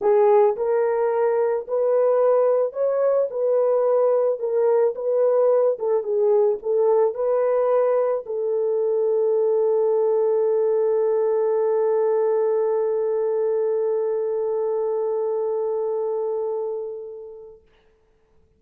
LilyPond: \new Staff \with { instrumentName = "horn" } { \time 4/4 \tempo 4 = 109 gis'4 ais'2 b'4~ | b'4 cis''4 b'2 | ais'4 b'4. a'8 gis'4 | a'4 b'2 a'4~ |
a'1~ | a'1~ | a'1~ | a'1 | }